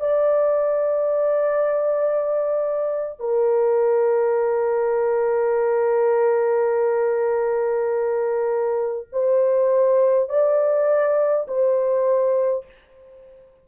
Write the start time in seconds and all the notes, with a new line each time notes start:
0.00 D5
3.19 A#4
9.12 C5
10.29 D5
11.47 C5